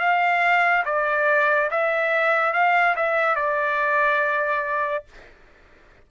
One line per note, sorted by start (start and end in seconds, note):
0.00 0.85 F5
0.86 1.70 D5
1.71 2.54 E5
2.54 2.96 F5
2.97 3.36 E5
3.36 5.05 D5